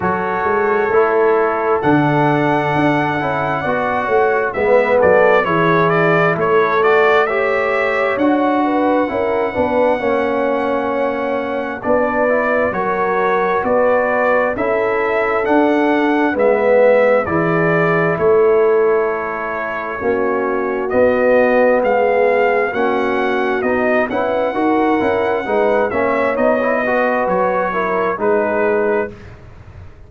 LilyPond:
<<
  \new Staff \with { instrumentName = "trumpet" } { \time 4/4 \tempo 4 = 66 cis''2 fis''2~ | fis''4 e''8 d''8 cis''8 d''8 cis''8 d''8 | e''4 fis''2.~ | fis''4 d''4 cis''4 d''4 |
e''4 fis''4 e''4 d''4 | cis''2. dis''4 | f''4 fis''4 dis''8 fis''4.~ | fis''8 e''8 dis''4 cis''4 b'4 | }
  \new Staff \with { instrumentName = "horn" } { \time 4/4 a'1 | d''8 cis''8 b'8 a'8 gis'4 a'4 | cis''4. b'8 ais'8 b'8 cis''4~ | cis''4 b'4 ais'4 b'4 |
a'2 b'4 gis'4 | a'2 fis'2 | gis'4 fis'4. b'8 ais'4 | b'8 cis''4 b'4 ais'8 gis'4 | }
  \new Staff \with { instrumentName = "trombone" } { \time 4/4 fis'4 e'4 d'4. e'8 | fis'4 b4 e'4. fis'8 | g'4 fis'4 e'8 d'8 cis'4~ | cis'4 d'8 e'8 fis'2 |
e'4 d'4 b4 e'4~ | e'2 cis'4 b4~ | b4 cis'4 dis'8 e'8 fis'8 e'8 | dis'8 cis'8 dis'16 e'16 fis'4 e'8 dis'4 | }
  \new Staff \with { instrumentName = "tuba" } { \time 4/4 fis8 gis8 a4 d4 d'8 cis'8 | b8 a8 gis8 fis8 e4 a4~ | a4 d'4 cis'8 b8 ais4~ | ais4 b4 fis4 b4 |
cis'4 d'4 gis4 e4 | a2 ais4 b4 | gis4 ais4 b8 cis'8 dis'8 cis'8 | gis8 ais8 b4 fis4 gis4 | }
>>